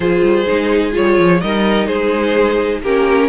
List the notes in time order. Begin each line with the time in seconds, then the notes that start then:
0.00 F3 F4 G#4 C5
0.22 G3
0.47 G#3 D#4
0.92 F4 C#5
0.98 G3
1.18 F3
1.40 G3 D#4 A#4 D#5
1.86 G#3 G#4 C5
2.82 A#3 C#4 G4 A#4